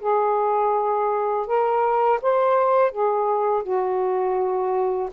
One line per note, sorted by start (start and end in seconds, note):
0.00 1.46 G#4
1.46 2.20 A#4
2.22 2.91 C5
2.91 3.63 G#4
3.63 5.09 F#4